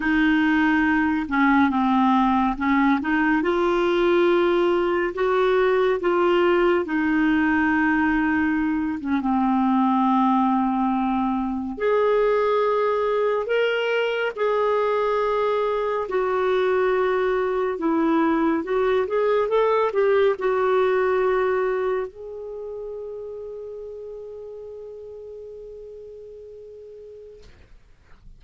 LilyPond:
\new Staff \with { instrumentName = "clarinet" } { \time 4/4 \tempo 4 = 70 dis'4. cis'8 c'4 cis'8 dis'8 | f'2 fis'4 f'4 | dis'2~ dis'8 cis'16 c'4~ c'16~ | c'4.~ c'16 gis'2 ais'16~ |
ais'8. gis'2 fis'4~ fis'16~ | fis'8. e'4 fis'8 gis'8 a'8 g'8 fis'16~ | fis'4.~ fis'16 gis'2~ gis'16~ | gis'1 | }